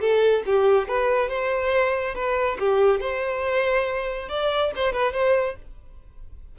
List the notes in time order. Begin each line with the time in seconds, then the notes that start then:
0.00 A4
0.46 G4
0.87 B4
1.29 C5
2.14 B4
2.59 G4
3.00 C5
4.29 D5
4.75 C5
4.92 B4
5.13 C5